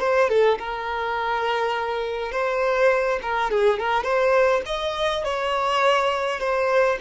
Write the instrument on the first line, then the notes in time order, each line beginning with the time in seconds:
violin
0.00 C5
0.29 A4
0.59 A#4
2.32 C5
3.23 A#4
3.51 G#4
3.79 A#4
4.04 C5
4.66 D#5
5.25 C#5
6.40 C5